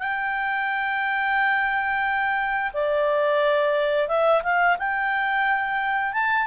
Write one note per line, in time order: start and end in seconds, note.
0.00 2.73 G5
2.74 4.09 D5
4.09 4.43 E5
4.43 4.78 F5
4.79 6.13 G5
6.13 6.47 A5